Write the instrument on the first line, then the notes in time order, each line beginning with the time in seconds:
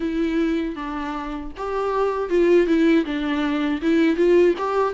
viola
0.00 E4
0.75 D4
1.57 G4
2.29 F4
2.67 E4
3.05 D4
3.81 E4
4.16 F4
4.58 G4